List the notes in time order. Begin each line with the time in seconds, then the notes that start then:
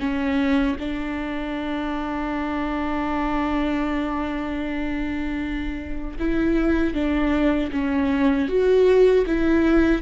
0.00 C#4
0.80 D4
6.20 E4
6.94 D4
7.72 C#4
8.49 F#4
9.27 E4